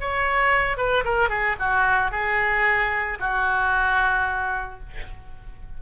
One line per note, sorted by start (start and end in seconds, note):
0.00 0.77 C#5
0.77 1.04 B4
1.04 1.29 A#4
1.29 1.56 G#4
1.59 2.11 F#4
2.11 3.18 G#4
3.19 4.80 F#4